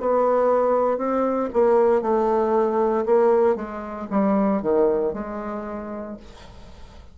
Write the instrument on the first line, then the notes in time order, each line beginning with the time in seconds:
bassoon
0.00 B3
0.97 C4
1.53 A#3
2.01 A3
3.06 A#3
3.55 G#3
4.10 G3
4.62 D#3
5.13 G#3